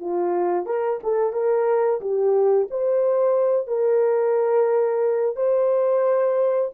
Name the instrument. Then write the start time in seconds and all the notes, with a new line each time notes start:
horn
0.00 F4
0.66 A#4
1.03 A4
1.33 A#4
2.01 G4
2.71 C5
3.67 A#4
5.36 C5